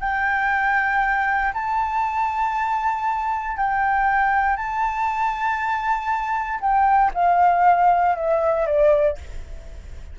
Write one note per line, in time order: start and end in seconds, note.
0.00 1.53 G5
1.53 3.57 A5
3.57 4.56 G5
4.56 6.59 A5
6.60 7.11 G5
7.14 8.15 F5
8.16 8.66 E5
8.66 9.17 D5